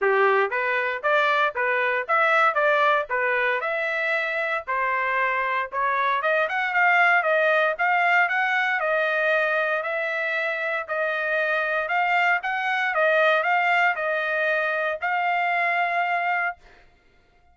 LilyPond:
\new Staff \with { instrumentName = "trumpet" } { \time 4/4 \tempo 4 = 116 g'4 b'4 d''4 b'4 | e''4 d''4 b'4 e''4~ | e''4 c''2 cis''4 | dis''8 fis''8 f''4 dis''4 f''4 |
fis''4 dis''2 e''4~ | e''4 dis''2 f''4 | fis''4 dis''4 f''4 dis''4~ | dis''4 f''2. | }